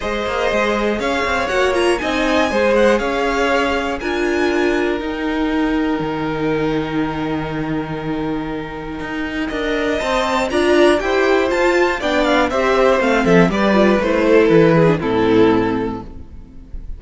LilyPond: <<
  \new Staff \with { instrumentName = "violin" } { \time 4/4 \tempo 4 = 120 dis''2 f''4 fis''8 ais''8 | gis''4. fis''8 f''2 | gis''2 g''2~ | g''1~ |
g''1 | a''4 ais''4 g''4 a''4 | g''8 f''8 e''4 f''8 e''8 d''4 | c''4 b'4 a'2 | }
  \new Staff \with { instrumentName = "violin" } { \time 4/4 c''2 cis''2 | dis''4 c''4 cis''2 | ais'1~ | ais'1~ |
ais'2. dis''4~ | dis''4 d''4 c''2 | d''4 c''4. a'8 b'4~ | b'8 a'4 gis'8 e'2 | }
  \new Staff \with { instrumentName = "viola" } { \time 4/4 gis'2. fis'8 f'8 | dis'4 gis'2. | f'2 dis'2~ | dis'1~ |
dis'2. ais'4 | c''4 f'4 g'4 f'4 | d'4 g'4 c'4 g'8 f'8 | e'4.~ e'16 d'16 c'2 | }
  \new Staff \with { instrumentName = "cello" } { \time 4/4 gis8 ais8 gis4 cis'8 c'8 ais4 | c'4 gis4 cis'2 | d'2 dis'2 | dis1~ |
dis2 dis'4 d'4 | c'4 d'4 e'4 f'4 | b4 c'4 a8 f8 g4 | a4 e4 a,2 | }
>>